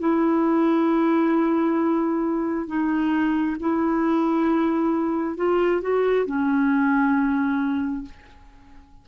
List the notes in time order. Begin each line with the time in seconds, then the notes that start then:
0.00 E4
2.67 D#4
3.60 E4
5.37 F4
5.82 F#4
6.26 C#4